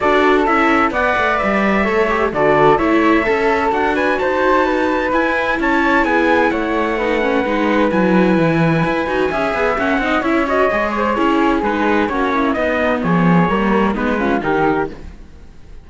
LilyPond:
<<
  \new Staff \with { instrumentName = "trumpet" } { \time 4/4 \tempo 4 = 129 d''4 e''4 fis''4 e''4~ | e''4 d''4 e''2 | fis''8 gis''8 a''2 gis''4 | a''4 gis''4 fis''2~ |
fis''4 gis''2.~ | gis''4 fis''4 e''8 dis''4 cis''8~ | cis''4 b'4 cis''4 dis''4 | cis''2 b'4 ais'4 | }
  \new Staff \with { instrumentName = "flute" } { \time 4/4 a'2 d''2 | cis''4 a'4 cis''4 a'4~ | a'8 b'8 c''4 b'2 | cis''4 gis'4 cis''4 b'4~ |
b'1 | e''4. dis''8 cis''4. c''8 | gis'2 fis'8 e'8 dis'4 | gis'4 ais'4 dis'8 f'8 g'4 | }
  \new Staff \with { instrumentName = "viola" } { \time 4/4 fis'4 e'4 b'2 | a'8 g'8 fis'4 e'4 a'4 | fis'2. e'4~ | e'2. dis'8 cis'8 |
dis'4 e'2~ e'8 fis'8 | gis'4 cis'8 dis'8 e'8 fis'8 gis'4 | e'4 dis'4 cis'4 b4~ | b4 ais4 b8 cis'8 dis'4 | }
  \new Staff \with { instrumentName = "cello" } { \time 4/4 d'4 cis'4 b8 a8 g4 | a4 d4 a4 cis'4 | d'4 dis'2 e'4 | cis'4 b4 a2 |
gis4 fis4 e4 e'8 dis'8 | cis'8 b8 ais8 c'8 cis'4 gis4 | cis'4 gis4 ais4 b4 | f4 g4 gis4 dis4 | }
>>